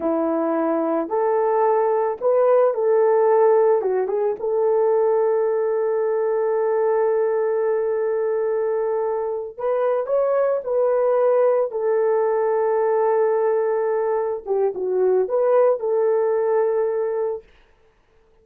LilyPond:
\new Staff \with { instrumentName = "horn" } { \time 4/4 \tempo 4 = 110 e'2 a'2 | b'4 a'2 fis'8 gis'8 | a'1~ | a'1~ |
a'4. b'4 cis''4 b'8~ | b'4. a'2~ a'8~ | a'2~ a'8 g'8 fis'4 | b'4 a'2. | }